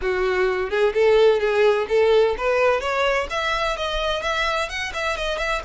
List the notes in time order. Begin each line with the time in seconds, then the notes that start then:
0.01 F#4
0.69 G#4
0.94 A4
1.39 G#4
1.88 A4
2.37 B4
2.80 C#5
3.30 E5
3.76 D#5
4.22 E5
4.69 F#5
4.93 E5
5.16 D#5
5.38 E5